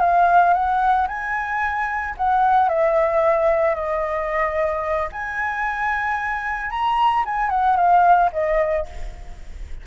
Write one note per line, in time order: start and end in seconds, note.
0.00 0.54 F5
0.54 1.07 F#5
1.08 2.15 G#5
2.17 2.69 F#5
2.69 3.75 E5
3.75 5.09 D#5
5.12 6.70 G#5
6.70 7.24 A#5
7.25 7.50 G#5
7.50 7.76 F#5
7.76 8.30 F5
8.33 8.86 D#5